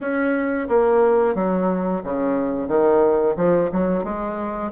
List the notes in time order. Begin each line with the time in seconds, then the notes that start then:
0.00 C#4
0.68 A#3
1.35 F#3
2.03 C#3
2.68 D#3
3.36 F3
3.72 F#3
4.04 G#3